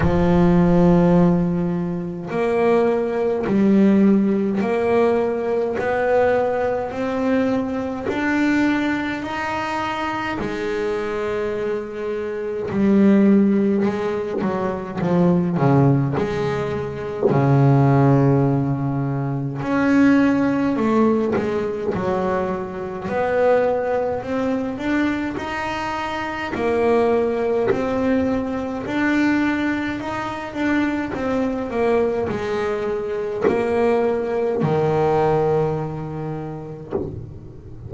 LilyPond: \new Staff \with { instrumentName = "double bass" } { \time 4/4 \tempo 4 = 52 f2 ais4 g4 | ais4 b4 c'4 d'4 | dis'4 gis2 g4 | gis8 fis8 f8 cis8 gis4 cis4~ |
cis4 cis'4 a8 gis8 fis4 | b4 c'8 d'8 dis'4 ais4 | c'4 d'4 dis'8 d'8 c'8 ais8 | gis4 ais4 dis2 | }